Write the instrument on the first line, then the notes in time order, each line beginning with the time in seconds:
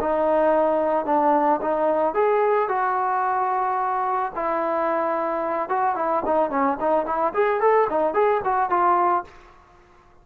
trombone
0.00 D#4
1.05 D4
1.61 D#4
2.14 G#4
2.69 F#4
4.35 E4
5.69 F#4
5.96 E4
6.26 D#4
6.50 C#4
6.80 D#4
7.06 E4
7.34 G#4
7.60 A4
7.90 D#4
8.13 G#4
8.44 F#4
8.70 F4